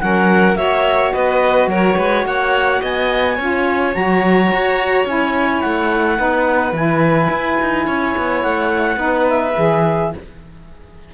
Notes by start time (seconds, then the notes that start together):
0.00 F#3 C#4 A#4 F#5
0.55 A#3 F#4 C#5 E5
1.12 B3 B4 D#5
1.67 F#3 A#4 C#5
1.97 G#3 B4
2.25 A#3 C#5 F#5
2.81 B3 D#5 G#5
3.35 C#4 F4 C#5
3.93 F#3 F#4 A#5
4.52 F#4
5.06 C#4 E4 G#5
5.61 A3 F#5
6.16 B3 D#4 B4
6.72 E3 E4 G#5
7.29 E4
7.61 D#4
7.86 C#4 C#5
8.17 B3
8.43 A3 F#5
8.96 B3 D#4 B4
9.29 E5
9.57 E3 G#4